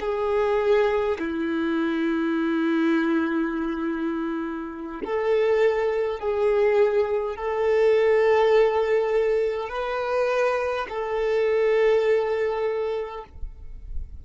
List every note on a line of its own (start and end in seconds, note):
0.00 1.18 G#4
1.19 5.01 E4
5.04 6.19 A4
6.19 7.36 G#4
7.36 9.69 A4
9.69 10.87 B4
10.89 13.24 A4